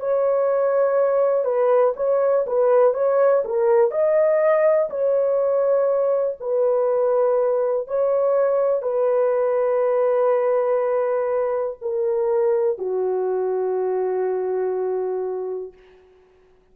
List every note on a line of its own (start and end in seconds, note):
0.00 1.44 C#5
1.44 1.94 B4
1.96 2.45 C#5
2.46 2.94 B4
2.94 3.43 C#5
3.45 3.91 A#4
3.91 4.89 D#5
4.90 6.37 C#5
6.40 7.87 B4
7.87 8.82 C#5
8.82 11.77 B4
11.82 12.78 A#4
12.78 15.73 F#4